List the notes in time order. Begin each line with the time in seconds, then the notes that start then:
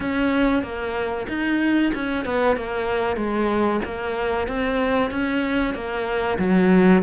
0.00 C#4
0.62 A#3
1.28 D#4
1.94 C#4
2.25 B3
2.56 A#3
3.16 G#3
3.84 A#3
4.47 C4
5.10 C#4
5.74 A#3
6.38 F#3